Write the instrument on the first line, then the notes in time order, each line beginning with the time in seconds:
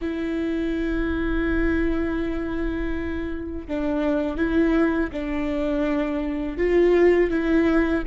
viola
0.01 E4
3.67 D4
4.37 E4
5.12 D4
6.57 F4
7.30 E4